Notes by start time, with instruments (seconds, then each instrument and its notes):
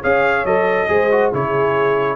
0.00 tuba C#4, trombone G#4, horn C#5, trumpet F5
0.44 tuba F#3, trombone A4, trumpet D#5
0.88 tuba G#3, trombone G#4, horn C5
1.11 trombone F#4
1.32 tuba C#3, trombone E4, horn G#4, trumpet C#5